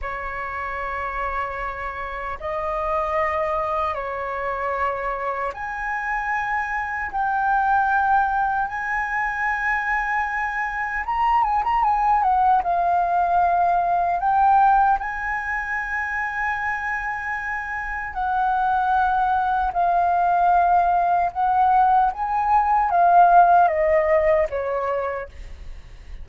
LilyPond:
\new Staff \with { instrumentName = "flute" } { \time 4/4 \tempo 4 = 76 cis''2. dis''4~ | dis''4 cis''2 gis''4~ | gis''4 g''2 gis''4~ | gis''2 ais''8 gis''16 ais''16 gis''8 fis''8 |
f''2 g''4 gis''4~ | gis''2. fis''4~ | fis''4 f''2 fis''4 | gis''4 f''4 dis''4 cis''4 | }